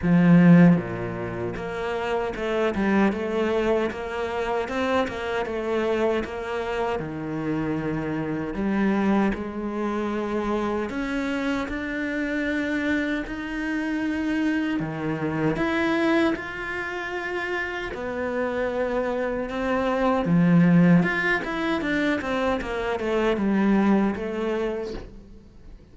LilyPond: \new Staff \with { instrumentName = "cello" } { \time 4/4 \tempo 4 = 77 f4 ais,4 ais4 a8 g8 | a4 ais4 c'8 ais8 a4 | ais4 dis2 g4 | gis2 cis'4 d'4~ |
d'4 dis'2 dis4 | e'4 f'2 b4~ | b4 c'4 f4 f'8 e'8 | d'8 c'8 ais8 a8 g4 a4 | }